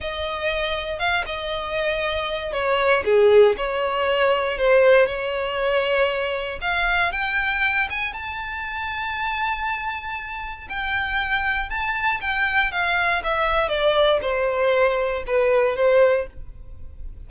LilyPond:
\new Staff \with { instrumentName = "violin" } { \time 4/4 \tempo 4 = 118 dis''2 f''8 dis''4.~ | dis''4 cis''4 gis'4 cis''4~ | cis''4 c''4 cis''2~ | cis''4 f''4 g''4. gis''8 |
a''1~ | a''4 g''2 a''4 | g''4 f''4 e''4 d''4 | c''2 b'4 c''4 | }